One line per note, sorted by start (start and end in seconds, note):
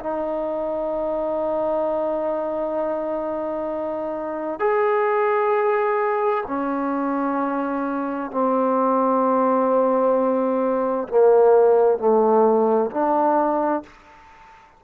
0.00 4.60 D#4
4.60 6.44 G#4
6.47 8.31 C#4
8.31 11.08 C4
11.09 11.98 A#3
11.98 12.91 A3
12.91 13.83 D4